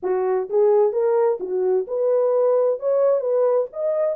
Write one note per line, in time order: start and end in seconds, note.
0.03 0.49 F#4
0.49 0.92 G#4
0.92 1.38 A#4
1.40 1.86 F#4
1.87 2.79 B4
2.79 3.20 C#5
3.20 3.66 B4
3.73 4.16 D#5